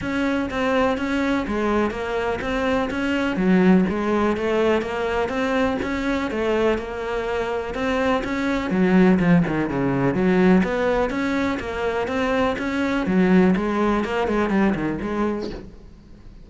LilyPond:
\new Staff \with { instrumentName = "cello" } { \time 4/4 \tempo 4 = 124 cis'4 c'4 cis'4 gis4 | ais4 c'4 cis'4 fis4 | gis4 a4 ais4 c'4 | cis'4 a4 ais2 |
c'4 cis'4 fis4 f8 dis8 | cis4 fis4 b4 cis'4 | ais4 c'4 cis'4 fis4 | gis4 ais8 gis8 g8 dis8 gis4 | }